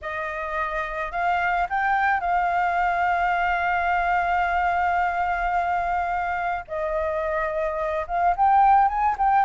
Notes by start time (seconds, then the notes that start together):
0.02 D#5
1.11 F5
1.69 G5
2.20 F5
6.67 D#5
8.07 F5
8.36 G5
8.87 G#5
9.18 G5